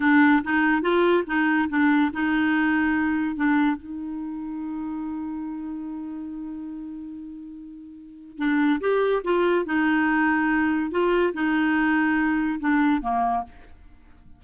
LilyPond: \new Staff \with { instrumentName = "clarinet" } { \time 4/4 \tempo 4 = 143 d'4 dis'4 f'4 dis'4 | d'4 dis'2. | d'4 dis'2.~ | dis'1~ |
dis'1 | d'4 g'4 f'4 dis'4~ | dis'2 f'4 dis'4~ | dis'2 d'4 ais4 | }